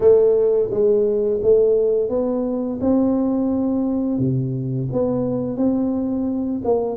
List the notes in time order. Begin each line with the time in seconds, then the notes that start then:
0.00 A3
0.70 G#3
1.42 A3
2.09 B3
2.80 C4
4.18 C3
4.92 B3
5.57 C4
6.64 A#3